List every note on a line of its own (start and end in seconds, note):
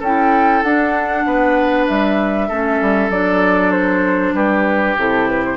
0.00 0.63 C#4
0.00 0.65 E4
0.00 1.24 A4
0.00 0.63 G5
0.63 1.25 D4
0.63 2.51 D4
0.63 1.87 F#5
1.26 1.87 B3
1.26 2.49 B4
1.88 2.50 G3
1.88 3.11 E5
2.49 2.81 A3
2.49 3.12 C#4
2.49 4.34 A4
2.82 3.10 G3
3.10 4.33 F#3
3.10 4.98 D4
3.10 3.72 D5
3.72 4.34 C5
4.34 4.96 G3
4.34 5.57 G4
4.34 4.97 B4
4.97 5.57 C3
4.97 5.57 E4
4.97 5.28 A4
5.28 5.44 B4
5.45 5.57 C5